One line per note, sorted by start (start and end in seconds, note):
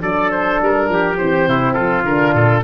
0.00 0.60 F#3
0.00 1.17 D4
0.00 0.89 A4
0.00 0.31 D5
0.31 0.60 C5
0.61 0.89 G3
0.61 1.17 A#4
0.89 1.18 F3
0.89 1.49 G4
1.17 1.47 E3
1.17 2.06 C4
1.17 1.73 C5
1.47 1.77 C3
1.47 1.74 E4
1.73 2.04 F3
1.73 2.62 F4
1.73 2.02 A4
2.04 2.33 D3
2.04 2.64 D4
2.04 2.34 A#4
2.34 2.63 A#2
2.34 2.64 A4